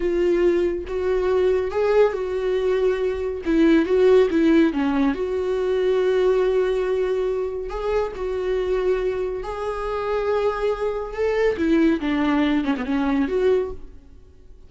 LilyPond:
\new Staff \with { instrumentName = "viola" } { \time 4/4 \tempo 4 = 140 f'2 fis'2 | gis'4 fis'2. | e'4 fis'4 e'4 cis'4 | fis'1~ |
fis'2 gis'4 fis'4~ | fis'2 gis'2~ | gis'2 a'4 e'4 | d'4. cis'16 b16 cis'4 fis'4 | }